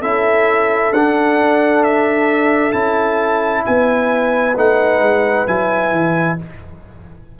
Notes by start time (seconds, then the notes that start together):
0.00 C#4 E4 A4 E5
0.91 D4 F#5
1.83 E5
2.72 C#4 E4 A5
3.65 B3 B4 G#5
4.56 A3 D#4 F#5
4.99 G#3
5.47 F#3 E4 G#5
5.92 E3